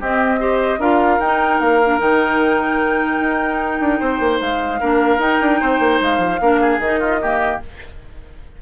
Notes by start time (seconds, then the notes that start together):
0.00 C4 G4 D#5
0.39 G4 C5
0.78 D4 F4 A#4 F5
1.19 D#4 G5
1.60 A#3 F5
1.83 D4
1.99 D#3 D#4 G5
3.20 D#4
3.80 D4
3.99 C4 C5
4.19 A#3
4.40 G#3 F5
4.80 A#3 D4 A#4
5.18 D#4 G5
5.41 D4
5.60 C4 C5
5.79 A#3
6.00 G#3 F5
6.17 F3
6.41 A#3 D4 A#4
6.60 G#4
6.78 D#3 D#4 D#5
6.99 F4
7.21 A#3 G4